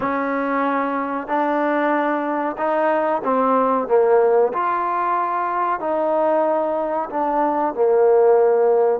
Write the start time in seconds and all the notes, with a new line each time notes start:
0.00 C#4
1.27 D4
2.57 D#4
3.24 C4
3.87 A#3
4.53 F4
5.80 D#4
7.09 D4
7.74 A#3